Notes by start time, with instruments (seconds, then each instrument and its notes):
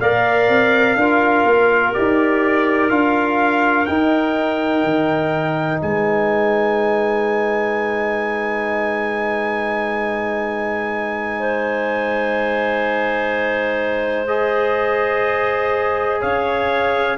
0.00 tuba A#3, trombone A#4, clarinet D5, trumpet F5
0.49 tuba C4
0.96 tuba D4, trombone F4, clarinet A#4
1.45 tuba A#3
1.94 tuba D#4, trombone G4, trumpet D5
2.90 tuba D4, trombone F4, trumpet F5
3.86 tuba D#4, trombone D#4, trumpet G5
4.84 tuba D#3
5.81 tuba G#3, clarinet B4, trumpet G#5
11.39 clarinet C5
14.28 trombone G#4, trumpet D#5
16.21 tuba C#4, clarinet C#5, trumpet F5